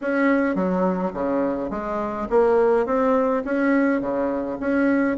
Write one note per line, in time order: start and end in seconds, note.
0.01 0.55 C#4
0.55 1.12 F#3
1.13 1.70 C#3
1.70 2.27 G#3
2.30 2.86 A#3
2.86 3.43 C4
3.44 4.00 C#4
4.00 4.57 C#3
4.60 5.17 C#4